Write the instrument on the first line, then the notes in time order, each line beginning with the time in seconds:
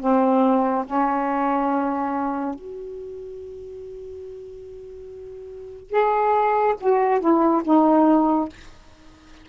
saxophone
0.00 C4
0.86 C#4
2.55 F#4
5.90 G#4
6.80 F#4
7.20 E4
7.64 D#4